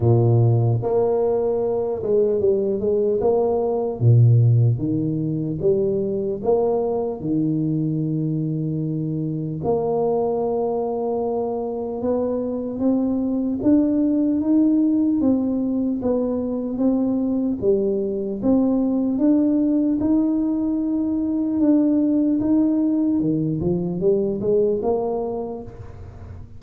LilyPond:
\new Staff \with { instrumentName = "tuba" } { \time 4/4 \tempo 4 = 75 ais,4 ais4. gis8 g8 gis8 | ais4 ais,4 dis4 g4 | ais4 dis2. | ais2. b4 |
c'4 d'4 dis'4 c'4 | b4 c'4 g4 c'4 | d'4 dis'2 d'4 | dis'4 dis8 f8 g8 gis8 ais4 | }